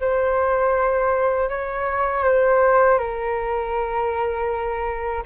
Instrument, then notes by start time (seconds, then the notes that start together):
flute
0.00 C5
1.49 C#5
2.24 C5
2.98 A#4